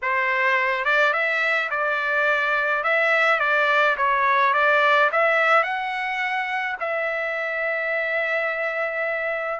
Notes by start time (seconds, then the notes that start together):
0.02 C5
0.84 D5
1.13 E5
1.70 D5
2.83 E5
3.39 D5
3.97 C#5
4.53 D5
5.11 E5
5.63 F#5
6.80 E5